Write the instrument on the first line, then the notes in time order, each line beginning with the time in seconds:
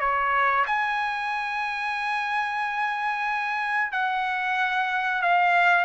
trumpet
0.00 C#5
0.67 G#5
3.92 F#5
5.22 F5